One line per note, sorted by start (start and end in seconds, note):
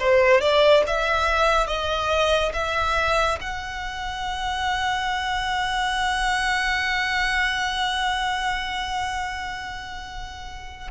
0.00 0.41 C5
0.41 0.84 D5
0.87 1.68 E5
1.68 2.53 D#5
2.54 3.39 E5
3.41 10.91 F#5